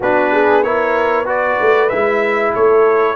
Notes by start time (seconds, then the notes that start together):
0.00 B3 D4 F#4 B4
0.31 G#4
0.63 E4 A#4 C#5
1.25 F#4 B4 D5
1.60 A3
1.89 G#3 E4 E5
2.53 A3 A4 C#5